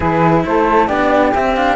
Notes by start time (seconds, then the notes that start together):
0.00 E3 E4 G#4 B4
0.45 A3 A4 C5
0.87 B3 D4 G4 D5
1.33 C4 E5
1.55 D4 F5